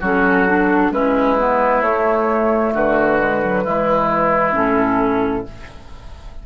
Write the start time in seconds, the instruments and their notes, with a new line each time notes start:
0.00 bassoon F#3, clarinet C#4, oboe F#4, flute A4
0.47 clarinet D4
0.90 bassoon G#3, clarinet C#4, oboe E4, flute B4
1.38 clarinet B3
1.81 bassoon A3, clarinet A3, flute C#5
2.73 bassoon D3, oboe F#4, flute B4
3.19 clarinet G#3
3.43 clarinet F#3
3.63 bassoon E3, clarinet G#3, oboe E4
4.52 bassoon A2, clarinet C#4, flute A4